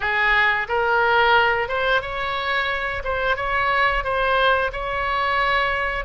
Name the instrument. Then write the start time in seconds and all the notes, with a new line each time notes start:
oboe
0.00 G#4
0.68 A#4
1.68 C5
2.01 C#5
3.04 C5
3.36 C#5
4.04 C5
4.72 C#5